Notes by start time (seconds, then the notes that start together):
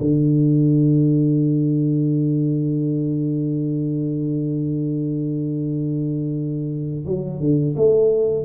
0.00 D3
7.06 F#3
7.40 D3
7.76 A3